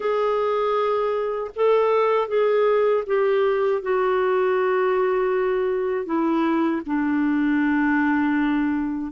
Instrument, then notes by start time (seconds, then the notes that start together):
clarinet
0.00 G#4
1.55 A4
2.28 G#4
3.06 G4
3.81 F#4
6.05 E4
6.86 D4